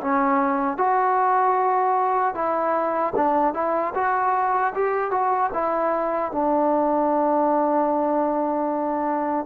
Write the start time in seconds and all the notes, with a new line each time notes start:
0.00 C#4
0.77 F#4
2.34 E4
3.15 D4
3.53 E4
3.94 F#4
4.74 G4
5.10 F#4
5.53 E4
6.31 D4